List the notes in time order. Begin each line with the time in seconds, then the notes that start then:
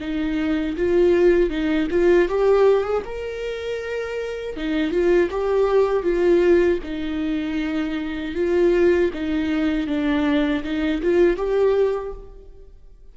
0.00 D#4
0.76 F4
1.49 D#4
1.90 F4
2.28 G4
2.83 G#4
3.05 A#4
4.56 D#4
4.91 F4
5.30 G4
6.03 F4
6.83 D#4
8.35 F4
9.13 D#4
9.87 D4
10.63 D#4
11.02 F4
11.36 G4